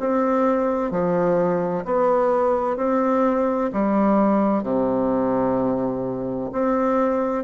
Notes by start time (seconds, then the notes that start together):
0.00 C4
0.91 F3
1.85 B3
2.77 C4
3.73 G3
4.63 C3
6.52 C4